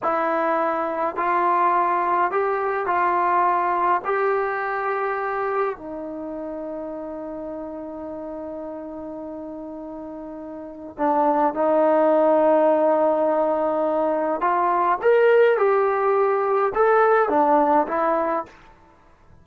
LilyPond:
\new Staff \with { instrumentName = "trombone" } { \time 4/4 \tempo 4 = 104 e'2 f'2 | g'4 f'2 g'4~ | g'2 dis'2~ | dis'1~ |
dis'2. d'4 | dis'1~ | dis'4 f'4 ais'4 g'4~ | g'4 a'4 d'4 e'4 | }